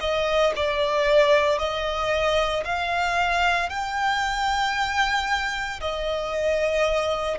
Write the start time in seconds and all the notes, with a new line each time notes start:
0.00 D#5
0.56 D5
1.58 D#5
2.64 F5
3.69 G5
5.80 D#5